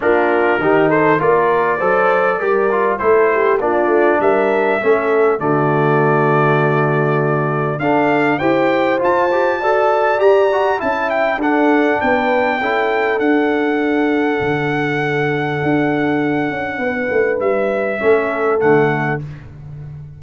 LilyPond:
<<
  \new Staff \with { instrumentName = "trumpet" } { \time 4/4 \tempo 4 = 100 ais'4. c''8 d''2~ | d''4 c''4 d''4 e''4~ | e''4 d''2.~ | d''4 f''4 g''4 a''4~ |
a''4 ais''4 a''8 g''8 fis''4 | g''2 fis''2~ | fis''1~ | fis''4 e''2 fis''4 | }
  \new Staff \with { instrumentName = "horn" } { \time 4/4 f'4 g'8 a'8 ais'4 c''4 | ais'4 a'8 g'8 f'4 ais'4 | a'4 fis'2.~ | fis'4 a'4 c''2 |
d''2 e''4 a'4 | b'4 a'2.~ | a'1 | b'2 a'2 | }
  \new Staff \with { instrumentName = "trombone" } { \time 4/4 d'4 dis'4 f'4 a'4 | g'8 f'8 e'4 d'2 | cis'4 a2.~ | a4 d'4 g'4 f'8 g'8 |
a'4 g'8 fis'8 e'4 d'4~ | d'4 e'4 d'2~ | d'1~ | d'2 cis'4 a4 | }
  \new Staff \with { instrumentName = "tuba" } { \time 4/4 ais4 dis4 ais4 fis4 | g4 a4 ais8 a8 g4 | a4 d2.~ | d4 d'4 e'4 f'4 |
fis'4 g'4 cis'4 d'4 | b4 cis'4 d'2 | d2 d'4. cis'8 | b8 a8 g4 a4 d4 | }
>>